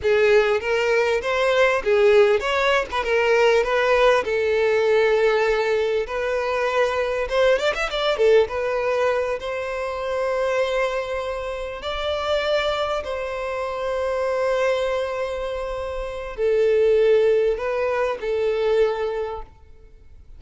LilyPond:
\new Staff \with { instrumentName = "violin" } { \time 4/4 \tempo 4 = 99 gis'4 ais'4 c''4 gis'4 | cis''8. b'16 ais'4 b'4 a'4~ | a'2 b'2 | c''8 d''16 e''16 d''8 a'8 b'4. c''8~ |
c''2.~ c''8 d''8~ | d''4. c''2~ c''8~ | c''2. a'4~ | a'4 b'4 a'2 | }